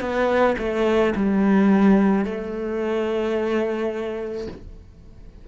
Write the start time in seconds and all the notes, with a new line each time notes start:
0.00 B3
0.58 A3
1.15 G3
2.25 A3